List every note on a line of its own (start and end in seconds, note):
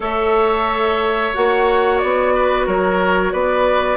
0.00 1.33 A3
0.00 1.33 A4
0.00 2.34 C#5
0.00 1.35 E5
1.34 2.02 A#3
1.34 3.97 F#4
1.34 1.98 F#5
1.98 2.67 B3
1.98 2.65 D5
2.34 2.65 B4
2.65 3.32 F#3
2.65 3.32 A#4
2.65 3.33 C#5
3.32 3.97 B3
3.32 3.97 B4
3.32 3.97 D5